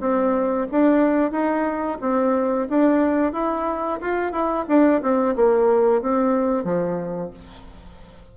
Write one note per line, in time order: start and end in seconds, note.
0.00 0.67 C4
0.71 1.31 D4
1.31 1.98 D#4
2.01 2.68 C4
2.69 3.33 D4
3.33 3.99 E4
4.01 4.32 F4
4.32 4.65 E4
4.68 5.02 D4
5.02 5.35 C4
5.35 6.02 A#3
6.02 6.64 C4
6.64 7.31 F3